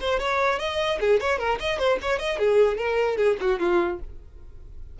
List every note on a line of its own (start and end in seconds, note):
0.00 0.19 C5
0.19 0.59 C#5
0.59 0.99 D#5
1.00 1.20 G#4
1.20 1.38 C#5
1.38 1.58 A#4
1.59 1.78 D#5
1.78 1.98 C5
2.01 2.19 C#5
2.19 2.38 D#5
2.38 2.77 G#4
2.77 3.17 A#4
3.17 3.37 G#4
3.40 3.59 F#4
3.59 3.99 F4